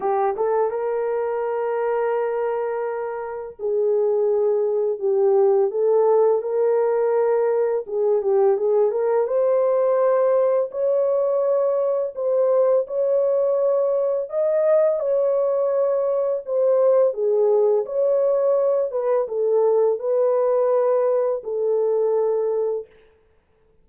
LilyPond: \new Staff \with { instrumentName = "horn" } { \time 4/4 \tempo 4 = 84 g'8 a'8 ais'2.~ | ais'4 gis'2 g'4 | a'4 ais'2 gis'8 g'8 | gis'8 ais'8 c''2 cis''4~ |
cis''4 c''4 cis''2 | dis''4 cis''2 c''4 | gis'4 cis''4. b'8 a'4 | b'2 a'2 | }